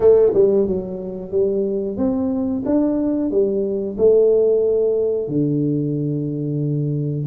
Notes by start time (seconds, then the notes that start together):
0.00 A3
0.34 G3
0.67 F#3
1.31 G3
1.97 C4
2.65 D4
3.30 G3
3.97 A3
5.27 D3